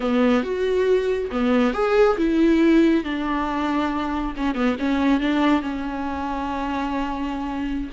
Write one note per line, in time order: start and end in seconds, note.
0.00 0.43 B3
0.43 1.30 F#4
1.31 1.73 B3
1.73 2.17 G#4
2.17 3.03 E4
3.03 4.34 D4
4.36 4.54 C#4
4.54 4.76 B3
4.79 5.20 C#4
5.20 5.61 D4
5.61 7.90 C#4